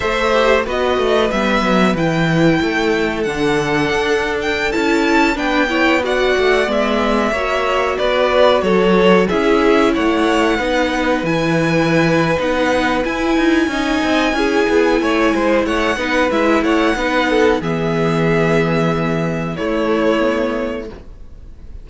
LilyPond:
<<
  \new Staff \with { instrumentName = "violin" } { \time 4/4 \tempo 4 = 92 e''4 dis''4 e''4 g''4~ | g''4 fis''4.~ fis''16 g''8 a''8.~ | a''16 g''4 fis''4 e''4.~ e''16~ | e''16 d''4 cis''4 e''4 fis''8.~ |
fis''4~ fis''16 gis''4.~ gis''16 fis''4 | gis''1 | fis''4 e''8 fis''4. e''4~ | e''2 cis''2 | }
  \new Staff \with { instrumentName = "violin" } { \time 4/4 c''4 b'2. | a'1~ | a'16 b'8 cis''8 d''2 cis''8.~ | cis''16 b'4 a'4 gis'4 cis''8.~ |
cis''16 b'2.~ b'8.~ | b'4 dis''4 gis'4 cis''8 c''8 | cis''8 b'4 cis''8 b'8 a'8 gis'4~ | gis'2 e'2 | }
  \new Staff \with { instrumentName = "viola" } { \time 4/4 a'8 g'8 fis'4 b4 e'4~ | e'4 d'2~ d'16 e'8.~ | e'16 d'8 e'8 fis'4 b4 fis'8.~ | fis'2~ fis'16 e'4.~ e'16~ |
e'16 dis'4 e'4.~ e'16 dis'4 | e'4 dis'4 e'2~ | e'8 dis'8 e'4 dis'4 b4~ | b2 a4 b4 | }
  \new Staff \with { instrumentName = "cello" } { \time 4/4 a4 b8 a8 g8 fis8 e4 | a4 d4 d'4~ d'16 cis'8.~ | cis'16 b4. a8 gis4 ais8.~ | ais16 b4 fis4 cis'4 a8.~ |
a16 b4 e4.~ e16 b4 | e'8 dis'8 cis'8 c'8 cis'8 b8 a8 gis8 | a8 b8 gis8 a8 b4 e4~ | e2 a2 | }
>>